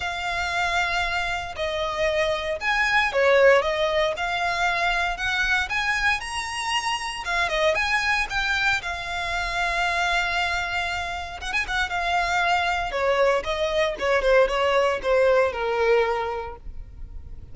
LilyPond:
\new Staff \with { instrumentName = "violin" } { \time 4/4 \tempo 4 = 116 f''2. dis''4~ | dis''4 gis''4 cis''4 dis''4 | f''2 fis''4 gis''4 | ais''2 f''8 dis''8 gis''4 |
g''4 f''2.~ | f''2 fis''16 gis''16 fis''8 f''4~ | f''4 cis''4 dis''4 cis''8 c''8 | cis''4 c''4 ais'2 | }